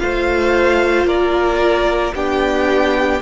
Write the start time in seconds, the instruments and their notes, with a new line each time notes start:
0.00 cello A3, viola F4, violin C5 F5
1.05 cello A#3, violin A#4 D5
2.15 cello B3, viola D4, violin G4 G5